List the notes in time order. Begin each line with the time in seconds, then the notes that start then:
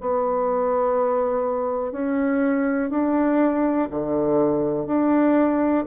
0.00 B3
1.91 C#4
2.90 D4
3.90 D3
4.86 D4